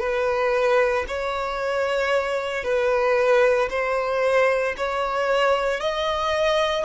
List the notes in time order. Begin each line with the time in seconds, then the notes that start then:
0.00 B4
1.08 C#5
2.64 B4
3.70 C5
4.78 C#5
5.80 D#5